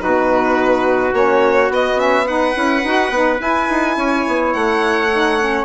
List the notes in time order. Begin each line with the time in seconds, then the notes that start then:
0.00 B2 D#4 F#4 B4
1.13 A#3 C#4 C#5
1.70 B3 D#5
1.97 C#4 E5
2.27 D#4 B4 F#5
2.54 C#4 E4
2.84 D#4 F#4
3.10 B3 D#4
3.38 E4 G#5
3.70 D#4
3.97 C#4 C#5
4.28 B3
4.53 A3 F#5
5.13 D#4
5.40 C#4